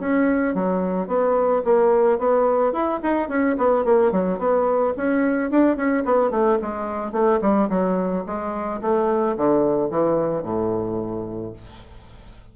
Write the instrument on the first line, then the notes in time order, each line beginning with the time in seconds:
bassoon
0.00 C#4
0.55 F#3
1.07 B3
1.65 A#3
2.19 B3
2.72 E4
3.03 D#4
3.29 C#4
3.58 B3
3.85 A#3
4.12 F#3
4.39 B3
4.97 C#4
5.51 D4
5.76 C#4
6.05 B3
6.31 A3
6.62 G#3
7.12 A3
7.42 G3
7.70 F#3
8.26 G#3
8.81 A3
9.37 D3
9.90 E3
10.43 A2